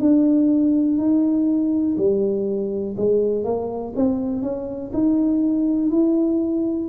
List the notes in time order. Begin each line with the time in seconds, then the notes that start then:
0.00 D4
0.98 D#4
1.98 G3
2.97 G#3
3.44 A#3
3.96 C4
4.42 C#4
4.94 D#4
5.91 E4